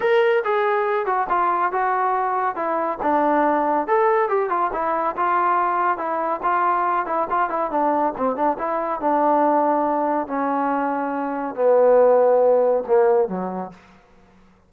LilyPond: \new Staff \with { instrumentName = "trombone" } { \time 4/4 \tempo 4 = 140 ais'4 gis'4. fis'8 f'4 | fis'2 e'4 d'4~ | d'4 a'4 g'8 f'8 e'4 | f'2 e'4 f'4~ |
f'8 e'8 f'8 e'8 d'4 c'8 d'8 | e'4 d'2. | cis'2. b4~ | b2 ais4 fis4 | }